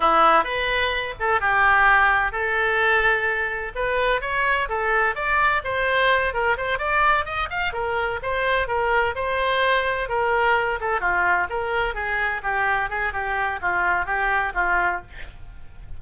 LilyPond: \new Staff \with { instrumentName = "oboe" } { \time 4/4 \tempo 4 = 128 e'4 b'4. a'8 g'4~ | g'4 a'2. | b'4 cis''4 a'4 d''4 | c''4. ais'8 c''8 d''4 dis''8 |
f''8 ais'4 c''4 ais'4 c''8~ | c''4. ais'4. a'8 f'8~ | f'8 ais'4 gis'4 g'4 gis'8 | g'4 f'4 g'4 f'4 | }